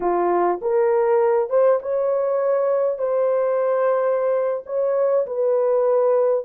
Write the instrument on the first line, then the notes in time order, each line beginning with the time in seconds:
horn
0.00 F4
0.61 A#4
1.49 C5
1.82 C#5
2.98 C5
4.66 C#5
5.26 B4